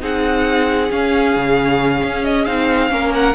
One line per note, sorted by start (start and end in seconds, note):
0.00 0.91 C4
0.00 0.89 D#4
0.00 2.89 G#4
0.00 0.91 F#5
0.91 2.47 C#4
0.91 1.36 C#4
0.91 2.24 F5
1.36 2.03 C#3
2.03 2.47 C#4
2.24 2.45 D#5
2.45 2.91 C4
2.45 2.90 D#4
2.45 3.12 F5
2.90 3.35 A#3
2.90 3.34 C#4
2.90 3.35 A#4
3.15 3.35 F#5